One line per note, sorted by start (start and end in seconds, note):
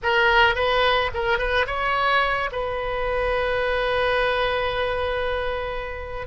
0.03 0.55 A#4
0.55 1.11 B4
1.14 1.38 A#4
1.38 1.66 B4
1.66 2.49 C#5
2.52 6.27 B4